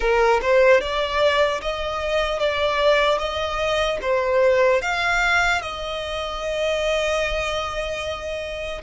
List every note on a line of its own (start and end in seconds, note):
0.00 0.40 A#4
0.41 0.80 C5
0.80 1.60 D5
1.61 2.39 D#5
2.39 3.18 D5
3.18 3.98 D#5
4.01 4.81 C5
4.81 5.61 F5
5.61 8.81 D#5